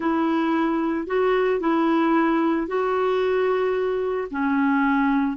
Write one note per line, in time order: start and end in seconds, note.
0.00 1.06 E4
1.07 1.60 F#4
1.60 2.67 E4
2.67 4.27 F#4
4.30 5.36 C#4